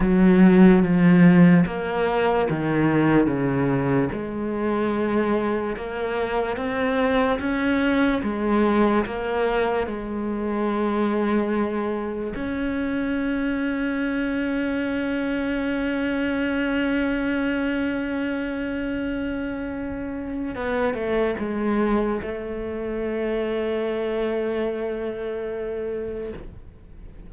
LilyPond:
\new Staff \with { instrumentName = "cello" } { \time 4/4 \tempo 4 = 73 fis4 f4 ais4 dis4 | cis4 gis2 ais4 | c'4 cis'4 gis4 ais4 | gis2. cis'4~ |
cis'1~ | cis'1~ | cis'4 b8 a8 gis4 a4~ | a1 | }